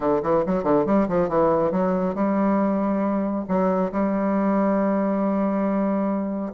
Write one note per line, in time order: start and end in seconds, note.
0.00 0.21 D3
0.23 0.44 E3
0.45 0.63 F#3
0.63 0.85 D3
0.86 1.08 G3
1.08 1.28 F3
1.28 1.71 E3
1.71 2.14 F#3
2.14 3.45 G3
3.48 3.91 F#3
3.92 6.52 G3